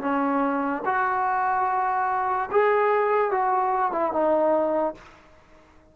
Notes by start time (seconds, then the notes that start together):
0.00 C#4
0.85 F#4
2.51 G#4
3.31 F#4
3.92 E4
4.12 D#4